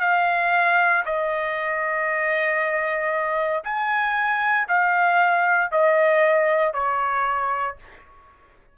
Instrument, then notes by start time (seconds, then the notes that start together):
trumpet
0.00 F5
1.05 D#5
3.64 G#5
4.68 F5
5.71 D#5
6.73 C#5